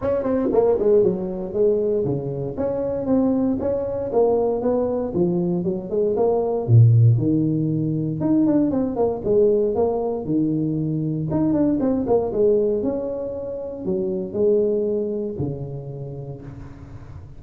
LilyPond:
\new Staff \with { instrumentName = "tuba" } { \time 4/4 \tempo 4 = 117 cis'8 c'8 ais8 gis8 fis4 gis4 | cis4 cis'4 c'4 cis'4 | ais4 b4 f4 fis8 gis8 | ais4 ais,4 dis2 |
dis'8 d'8 c'8 ais8 gis4 ais4 | dis2 dis'8 d'8 c'8 ais8 | gis4 cis'2 fis4 | gis2 cis2 | }